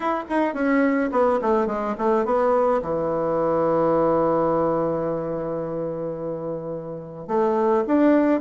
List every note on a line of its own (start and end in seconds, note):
0.00 0.24 E4
0.29 0.54 D#4
0.54 1.10 C#4
1.11 1.39 B3
1.41 1.67 A3
1.67 1.95 G#3
1.98 2.25 A3
2.25 2.81 B3
2.82 7.27 E3
7.27 7.84 A3
7.87 8.40 D4